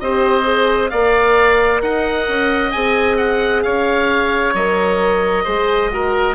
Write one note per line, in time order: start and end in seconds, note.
0.00 0.91 C4
0.00 0.44 G4
0.00 0.91 C5
0.00 0.90 D#5
0.44 0.90 G#4
0.90 1.82 A#3
0.90 2.74 A#4
0.90 1.82 D5
0.90 1.81 F5
1.82 2.27 D#4
1.82 3.64 D#5
1.82 2.71 F#5
2.28 2.73 C#4
2.71 3.65 C4
2.71 4.56 G#4
2.71 3.16 G#5
3.17 3.62 F#5
3.62 4.54 C#4
3.62 5.44 C#5
3.62 4.53 F5
4.54 5.45 F#3
4.54 5.46 A#4
4.54 6.35 D#5
5.44 6.35 G#3
5.44 5.91 G#4
5.44 5.90 C5
5.92 6.35 F#4
5.92 6.35 A#4